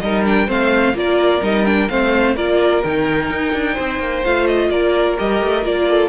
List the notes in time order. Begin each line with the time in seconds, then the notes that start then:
0.00 G3 D#4 A#4 D#5
0.25 D4 G5
0.47 A3 C4 C5 F5
0.94 A#3 F4 A#4 D5
1.41 G3 D#4 D#5
1.65 D4 G5
1.88 A3 C4 C5 F5
2.35 A#3 F4 A#4 D5
2.83 D#3 D#4 G5
3.29 D#4
3.53 D4
3.73 C4 C5
3.99 A#3
4.24 A3 F4 F5
4.46 D#5
4.69 A#3 A#4 D5
5.17 G3 G4 D#5
5.41 A3
5.63 A#3 F4 D5
5.89 A4